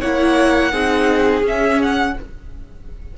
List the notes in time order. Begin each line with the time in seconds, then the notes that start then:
0.00 A#3 E4 C#5 F#5
0.71 C4 D#4 G#4
1.42 C#4 E5
1.82 F#5